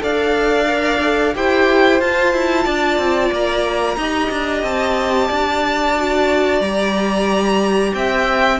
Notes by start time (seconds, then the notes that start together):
0.00 D4 A4 D5 F5
0.67 A#4
1.03 A4
1.34 E4 G4 C5 G5
2.00 F4 A5
2.34 E4
2.65 D4 D5
2.98 C4
3.32 A#3 A#5
3.97 D#4 G4 D#5
4.30 D4
4.63 C4 A5
5.28 D4 D5
5.98 F#4
6.61 G3 G4 A#5
7.94 C4 E5 G5